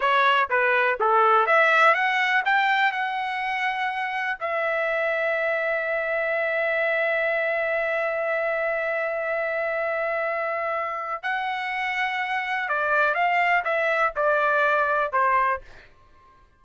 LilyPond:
\new Staff \with { instrumentName = "trumpet" } { \time 4/4 \tempo 4 = 123 cis''4 b'4 a'4 e''4 | fis''4 g''4 fis''2~ | fis''4 e''2.~ | e''1~ |
e''1~ | e''2. fis''4~ | fis''2 d''4 f''4 | e''4 d''2 c''4 | }